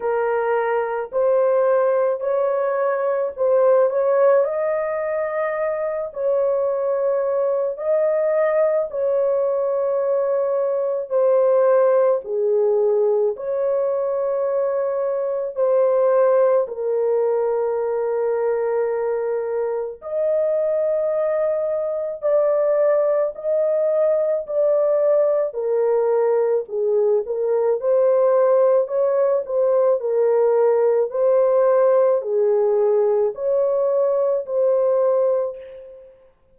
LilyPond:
\new Staff \with { instrumentName = "horn" } { \time 4/4 \tempo 4 = 54 ais'4 c''4 cis''4 c''8 cis''8 | dis''4. cis''4. dis''4 | cis''2 c''4 gis'4 | cis''2 c''4 ais'4~ |
ais'2 dis''2 | d''4 dis''4 d''4 ais'4 | gis'8 ais'8 c''4 cis''8 c''8 ais'4 | c''4 gis'4 cis''4 c''4 | }